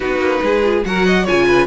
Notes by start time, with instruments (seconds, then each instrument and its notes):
0.00 cello B3, viola D#4, violin F#4 B4
0.19 cello A#3
0.42 cello G#3, violin G#4
0.63 viola F4
0.85 cello F#3, viola F#4, violin A#4 F#5
1.06 violin D#5
1.24 cello C#3, viola F4, violin C#5 G#5
1.47 violin B4